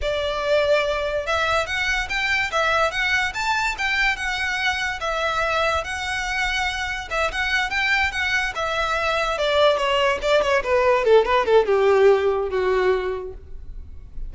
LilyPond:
\new Staff \with { instrumentName = "violin" } { \time 4/4 \tempo 4 = 144 d''2. e''4 | fis''4 g''4 e''4 fis''4 | a''4 g''4 fis''2 | e''2 fis''2~ |
fis''4 e''8 fis''4 g''4 fis''8~ | fis''8 e''2 d''4 cis''8~ | cis''8 d''8 cis''8 b'4 a'8 b'8 a'8 | g'2 fis'2 | }